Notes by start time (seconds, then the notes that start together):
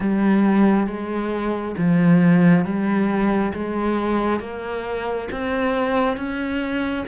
0.00 G3
0.87 G#3
1.77 F3
2.64 G3
3.53 G#3
4.40 A#3
5.31 C4
6.16 C#4